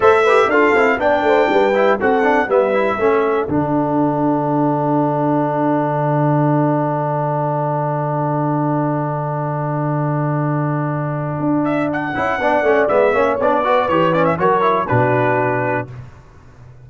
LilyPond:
<<
  \new Staff \with { instrumentName = "trumpet" } { \time 4/4 \tempo 4 = 121 e''4 f''4 g''2 | fis''4 e''2 fis''4~ | fis''1~ | fis''1~ |
fis''1~ | fis''2.~ fis''8 e''8 | fis''2 e''4 d''4 | cis''8 d''16 e''16 cis''4 b'2 | }
  \new Staff \with { instrumentName = "horn" } { \time 4/4 c''8 b'8 a'4 d''8 c''8 b'4 | a'4 b'4 a'2~ | a'1~ | a'1~ |
a'1~ | a'1~ | a'4 d''4. cis''4 b'8~ | b'4 ais'4 fis'2 | }
  \new Staff \with { instrumentName = "trombone" } { \time 4/4 a'8 g'8 f'8 e'8 d'4. e'8 | fis'8 d'8 b8 e'8 cis'4 d'4~ | d'1~ | d'1~ |
d'1~ | d'1~ | d'8 e'8 d'8 cis'8 b8 cis'8 d'8 fis'8 | g'8 cis'8 fis'8 e'8 d'2 | }
  \new Staff \with { instrumentName = "tuba" } { \time 4/4 a4 d'8 c'8 b8 a8 g4 | c'4 g4 a4 d4~ | d1~ | d1~ |
d1~ | d2. d'4~ | d'8 cis'8 b8 a8 gis8 ais8 b4 | e4 fis4 b,2 | }
>>